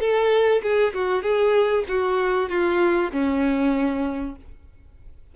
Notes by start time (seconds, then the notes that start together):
0.00 A4
0.62 G#4
0.94 F#4
1.22 G#4
1.88 F#4
2.49 F4
3.12 C#4